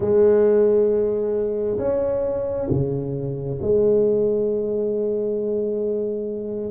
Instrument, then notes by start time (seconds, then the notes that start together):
tuba
0.00 G#3
1.78 C#4
2.69 C#3
3.61 G#3